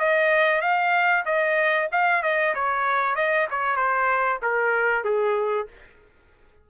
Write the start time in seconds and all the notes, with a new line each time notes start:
0.00 D#5
0.62 F5
1.26 D#5
1.92 F5
2.23 D#5
2.55 C#5
3.16 D#5
3.51 C#5
3.77 C5
4.43 A#4
5.05 G#4